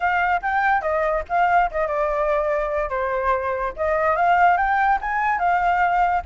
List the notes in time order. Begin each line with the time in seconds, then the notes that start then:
0.00 F5
0.41 G5
0.81 D#5
1.28 F5
1.71 D#5
1.87 D5
2.89 C5
3.76 D#5
4.16 F5
4.57 G5
5.01 G#5
5.39 F5